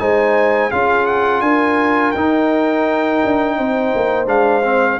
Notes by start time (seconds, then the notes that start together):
0.00 G#3 D#4 C5 G#5
0.71 C#4 F4 G#4 F5
1.07 F#5
1.41 D4 A#4 G#5
2.12 D#4 G5
3.25 D4
3.58 C4 C5
3.95 A#3
4.26 G#3 D4 F5
4.64 C4